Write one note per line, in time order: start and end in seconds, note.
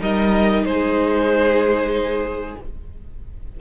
0.00 0.64 G3
0.00 2.56 D#4
0.00 0.65 A#4
0.00 0.65 D#5
0.64 2.55 G#3
0.64 2.61 G#4
0.64 2.57 C5